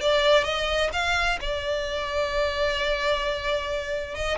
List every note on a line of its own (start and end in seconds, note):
0.00 0.44 D5
0.44 0.90 D#5
0.92 1.38 F5
1.41 4.15 D5
4.15 4.38 D#5